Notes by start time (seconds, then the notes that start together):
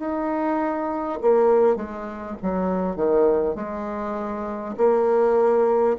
0.00 D#4
1.22 A#3
1.77 G#3
2.43 F#3
2.96 D#3
3.56 G#3
4.78 A#3